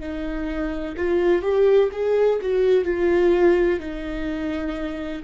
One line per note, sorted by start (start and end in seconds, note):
0.00 0.95 D#4
0.97 1.42 F4
1.42 1.90 G4
1.92 2.39 G#4
2.42 2.84 F#4
2.84 3.80 F4
3.80 5.23 D#4